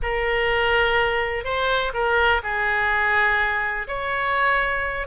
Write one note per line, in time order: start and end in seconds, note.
0.02 1.44 A#4
1.44 1.92 C5
1.93 2.41 A#4
2.43 3.87 G#4
3.87 5.07 C#5